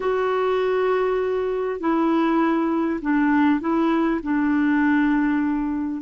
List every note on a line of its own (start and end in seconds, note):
0.00 1.80 F#4
1.80 3.00 E4
3.01 3.60 D4
3.60 4.20 E4
4.22 6.02 D4